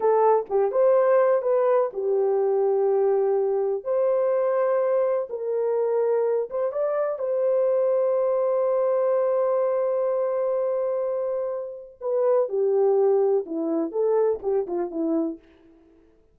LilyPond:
\new Staff \with { instrumentName = "horn" } { \time 4/4 \tempo 4 = 125 a'4 g'8 c''4. b'4 | g'1 | c''2. ais'4~ | ais'4. c''8 d''4 c''4~ |
c''1~ | c''1~ | c''4 b'4 g'2 | e'4 a'4 g'8 f'8 e'4 | }